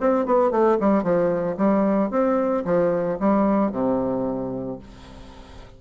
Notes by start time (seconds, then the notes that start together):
0.00 C4
0.26 B3
0.51 A3
0.80 G3
1.03 F3
1.57 G3
2.10 C4
2.65 F3
3.19 G3
3.72 C3